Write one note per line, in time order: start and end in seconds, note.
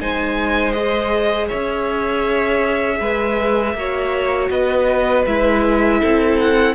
0.00 1.50 G#3
0.00 0.75 D#4
0.00 1.48 C5
0.00 0.72 G#5
0.72 3.77 G#4
0.72 1.47 D#5
1.48 3.00 C#4
1.48 2.98 C#5
1.48 4.49 E5
3.00 3.74 G#3
3.00 3.75 B4
3.74 4.49 A#3
3.74 5.27 F#4
3.74 4.50 C#5
4.50 5.25 B3
4.50 6.00 B4
4.50 5.26 D#5
5.27 6.02 G#3
5.27 6.75 E4
5.27 6.39 E5
6.00 6.75 C4
6.00 6.75 A4
6.39 6.75 F#5